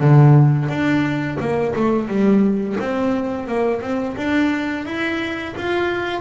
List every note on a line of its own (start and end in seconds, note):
0.00 0.69 D3
0.69 1.38 D4
1.40 1.74 A#3
1.75 2.08 A3
2.08 2.76 G3
2.79 3.47 C4
3.47 3.81 A#3
3.81 4.16 C4
4.16 4.85 D4
4.85 5.54 E4
5.56 6.20 F4